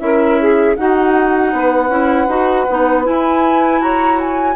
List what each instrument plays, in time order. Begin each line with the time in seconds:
0.00 bassoon C#4, clarinet E4, saxophone A#4, flute E5
0.41 saxophone G#4
0.76 clarinet D#4, bassoon D#4, saxophone F#4, flute F#5
1.53 bassoon B3, saxophone B4
1.89 bassoon C#4, clarinet E4
2.28 bassoon D#4, clarinet F#4
2.69 bassoon B3, clarinet D#4
3.04 clarinet E4, bassoon E4, flute G#5
3.81 bassoon F#4, saxophone C#5, flute A#5
4.21 flute G#5